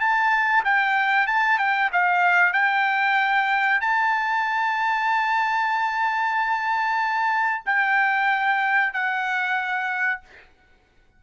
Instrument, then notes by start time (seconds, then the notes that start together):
trumpet
0.00 A5
0.65 G5
1.27 A5
1.59 G5
1.93 F5
2.53 G5
3.81 A5
7.66 G5
8.94 F#5